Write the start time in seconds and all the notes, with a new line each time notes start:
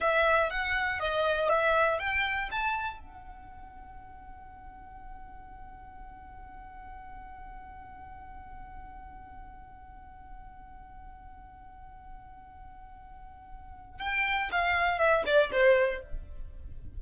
0.00 E5
0.50 F#5
0.99 D#5
1.49 E5
1.99 G5
2.51 A5
3.00 F#5
14.00 G5
14.51 F5
14.98 E5
15.25 D5
15.52 C5